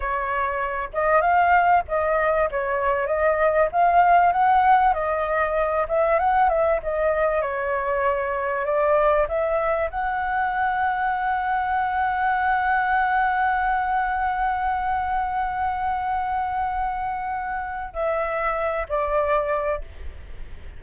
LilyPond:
\new Staff \with { instrumentName = "flute" } { \time 4/4 \tempo 4 = 97 cis''4. dis''8 f''4 dis''4 | cis''4 dis''4 f''4 fis''4 | dis''4. e''8 fis''8 e''8 dis''4 | cis''2 d''4 e''4 |
fis''1~ | fis''1~ | fis''1~ | fis''4 e''4. d''4. | }